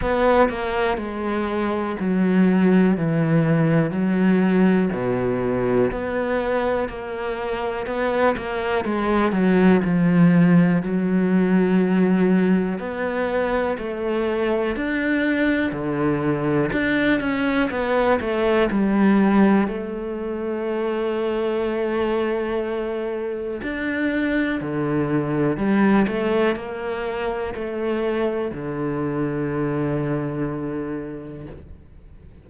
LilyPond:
\new Staff \with { instrumentName = "cello" } { \time 4/4 \tempo 4 = 61 b8 ais8 gis4 fis4 e4 | fis4 b,4 b4 ais4 | b8 ais8 gis8 fis8 f4 fis4~ | fis4 b4 a4 d'4 |
d4 d'8 cis'8 b8 a8 g4 | a1 | d'4 d4 g8 a8 ais4 | a4 d2. | }